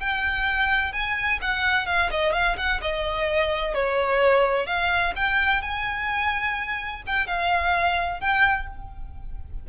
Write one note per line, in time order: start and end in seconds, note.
0.00 0.92 G5
0.92 1.39 G#5
1.41 1.86 F#5
1.86 2.10 F5
2.11 2.33 D#5
2.33 2.56 F5
2.57 2.81 F#5
2.81 3.74 D#5
3.74 4.67 C#5
4.67 5.13 F5
5.16 5.62 G5
5.62 7.02 G#5
7.07 7.27 G5
7.27 8.20 F5
8.20 8.67 G5